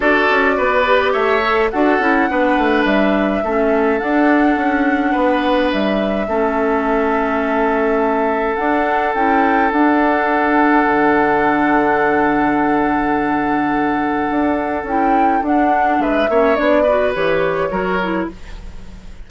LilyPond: <<
  \new Staff \with { instrumentName = "flute" } { \time 4/4 \tempo 4 = 105 d''2 e''4 fis''4~ | fis''4 e''2 fis''4~ | fis''2 e''2~ | e''2. fis''4 |
g''4 fis''2.~ | fis''1~ | fis''2 g''4 fis''4 | e''4 d''4 cis''2 | }
  \new Staff \with { instrumentName = "oboe" } { \time 4/4 a'4 b'4 cis''4 a'4 | b'2 a'2~ | a'4 b'2 a'4~ | a'1~ |
a'1~ | a'1~ | a'1 | b'8 cis''4 b'4. ais'4 | }
  \new Staff \with { instrumentName = "clarinet" } { \time 4/4 fis'4. g'4 a'8 fis'8 e'8 | d'2 cis'4 d'4~ | d'2. cis'4~ | cis'2. d'4 |
e'4 d'2.~ | d'1~ | d'2 e'4 d'4~ | d'8 cis'8 d'8 fis'8 g'4 fis'8 e'8 | }
  \new Staff \with { instrumentName = "bassoon" } { \time 4/4 d'8 cis'8 b4 a4 d'8 cis'8 | b8 a8 g4 a4 d'4 | cis'4 b4 g4 a4~ | a2. d'4 |
cis'4 d'2 d4~ | d1~ | d4 d'4 cis'4 d'4 | gis8 ais8 b4 e4 fis4 | }
>>